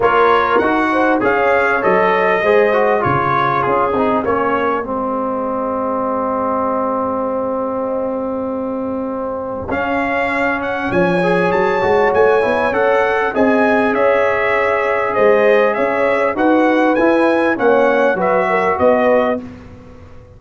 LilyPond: <<
  \new Staff \with { instrumentName = "trumpet" } { \time 4/4 \tempo 4 = 99 cis''4 fis''4 f''4 dis''4~ | dis''4 cis''4 gis'4 cis''4 | dis''1~ | dis''1 |
f''4. fis''8 gis''4 a''4 | gis''4 fis''4 gis''4 e''4~ | e''4 dis''4 e''4 fis''4 | gis''4 fis''4 e''4 dis''4 | }
  \new Staff \with { instrumentName = "horn" } { \time 4/4 ais'4. c''8 cis''2 | c''4 gis'2.~ | gis'1~ | gis'1~ |
gis'2 cis''2~ | cis''2 dis''4 cis''4~ | cis''4 c''4 cis''4 b'4~ | b'4 cis''4 b'8 ais'8 b'4 | }
  \new Staff \with { instrumentName = "trombone" } { \time 4/4 f'4 fis'4 gis'4 a'4 | gis'8 fis'8 f'4. dis'8 cis'4 | c'1~ | c'1 |
cis'2~ cis'8 gis'4 fis'8~ | fis'8 e'8 a'4 gis'2~ | gis'2. fis'4 | e'4 cis'4 fis'2 | }
  \new Staff \with { instrumentName = "tuba" } { \time 4/4 ais4 dis'4 cis'4 fis4 | gis4 cis4 cis'8 c'8 ais4 | gis1~ | gis1 |
cis'2 f4 fis8 gis8 | a8 b8 cis'4 c'4 cis'4~ | cis'4 gis4 cis'4 dis'4 | e'4 ais4 fis4 b4 | }
>>